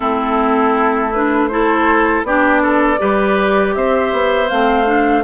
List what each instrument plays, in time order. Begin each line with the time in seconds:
0.00 bassoon A3, clarinet C4, oboe E4, flute A4
1.13 clarinet D4, flute B4
1.47 clarinet E4, oboe A4, flute C5
2.23 bassoon B3, clarinet D4, oboe G4, flute D5
2.62 oboe A4
2.98 bassoon G3, clarinet G4, oboe B4
3.74 bassoon C4, oboe C5, flute E5
4.12 bassoon B3
4.48 bassoon A3, clarinet C4, flute F5
4.85 clarinet D4